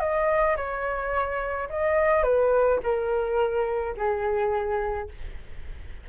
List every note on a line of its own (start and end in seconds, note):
0.00 0.56 D#5
0.57 1.69 C#5
1.69 2.23 D#5
2.23 2.79 B4
2.83 3.95 A#4
3.97 5.09 G#4